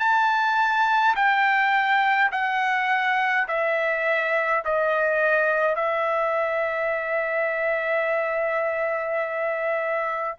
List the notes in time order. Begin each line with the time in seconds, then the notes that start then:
0.00 A5
1.16 G5
2.32 F#5
3.48 E5
4.65 D#5
5.76 E5